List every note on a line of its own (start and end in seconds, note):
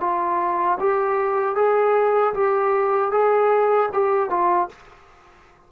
0.00 0.78 F4
0.79 1.55 G4
1.55 2.33 G#4
2.33 3.11 G4
3.11 3.89 G#4
3.93 4.29 G4
4.29 4.68 F4